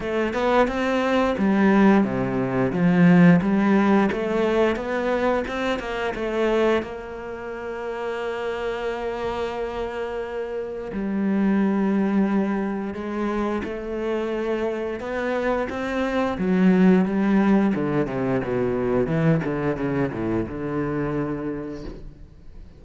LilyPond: \new Staff \with { instrumentName = "cello" } { \time 4/4 \tempo 4 = 88 a8 b8 c'4 g4 c4 | f4 g4 a4 b4 | c'8 ais8 a4 ais2~ | ais1 |
g2. gis4 | a2 b4 c'4 | fis4 g4 d8 c8 b,4 | e8 d8 cis8 a,8 d2 | }